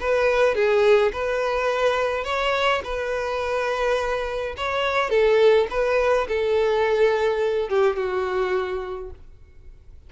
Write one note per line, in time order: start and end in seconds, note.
0.00 0.55 B4
0.55 1.12 G#4
1.12 2.24 B4
2.24 2.81 C#5
2.84 4.55 B4
4.57 5.10 C#5
5.10 5.67 A4
5.70 6.27 B4
6.28 7.69 A4
7.69 7.96 G4
7.96 9.10 F#4